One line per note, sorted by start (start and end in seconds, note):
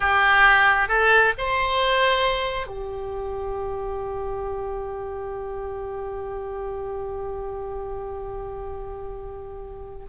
0.00 0.88 G4
0.88 1.33 A4
1.38 2.66 C5
2.66 10.05 G4